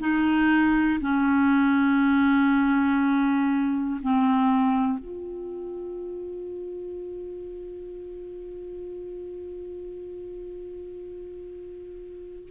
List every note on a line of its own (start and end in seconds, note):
0.00 1.00 D#4
1.00 4.00 C#4
4.02 4.99 C4
4.99 12.49 F4